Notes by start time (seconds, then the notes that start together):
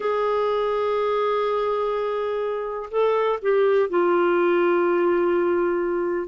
0.00 G#4
2.90 A4
3.41 G4
3.89 F4